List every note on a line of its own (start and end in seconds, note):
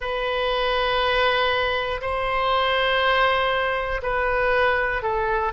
0.00 2.00 B4
2.01 4.01 C5
4.02 5.02 B4
5.02 5.52 A4